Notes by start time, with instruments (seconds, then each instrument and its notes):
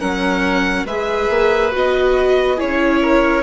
0.00 bassoon F#3, viola C#4, oboe A#4, violin F#5
0.84 bassoon G#3, viola G#4, oboe B4, violin E5
1.29 bassoon A#3
1.71 bassoon B3, viola F#4, violin D#5
2.57 bassoon C#4, viola E4, oboe G#4, violin C#5
3.02 oboe A#4